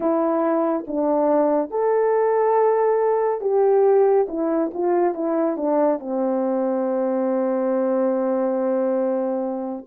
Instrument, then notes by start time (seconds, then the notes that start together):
horn
0.00 E4
0.86 D4
1.70 A4
3.41 G4
4.28 E4
4.73 F4
5.14 E4
5.56 D4
5.99 C4